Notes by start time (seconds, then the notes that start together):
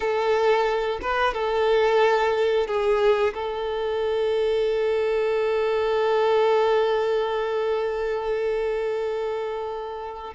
0.00 A4
1.01 B4
1.33 A4
2.67 G#4
3.34 A4